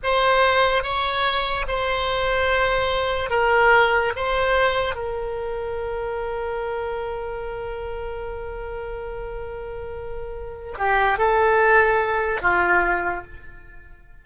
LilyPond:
\new Staff \with { instrumentName = "oboe" } { \time 4/4 \tempo 4 = 145 c''2 cis''2 | c''1 | ais'2 c''2 | ais'1~ |
ais'1~ | ais'1~ | ais'2 g'4 a'4~ | a'2 f'2 | }